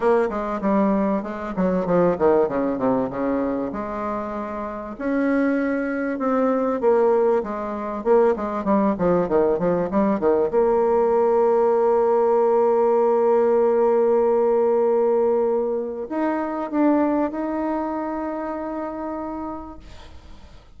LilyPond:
\new Staff \with { instrumentName = "bassoon" } { \time 4/4 \tempo 4 = 97 ais8 gis8 g4 gis8 fis8 f8 dis8 | cis8 c8 cis4 gis2 | cis'2 c'4 ais4 | gis4 ais8 gis8 g8 f8 dis8 f8 |
g8 dis8 ais2.~ | ais1~ | ais2 dis'4 d'4 | dis'1 | }